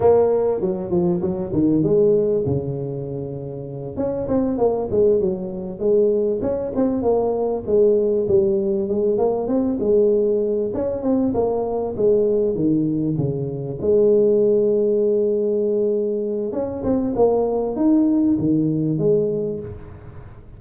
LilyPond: \new Staff \with { instrumentName = "tuba" } { \time 4/4 \tempo 4 = 98 ais4 fis8 f8 fis8 dis8 gis4 | cis2~ cis8 cis'8 c'8 ais8 | gis8 fis4 gis4 cis'8 c'8 ais8~ | ais8 gis4 g4 gis8 ais8 c'8 |
gis4. cis'8 c'8 ais4 gis8~ | gis8 dis4 cis4 gis4.~ | gis2. cis'8 c'8 | ais4 dis'4 dis4 gis4 | }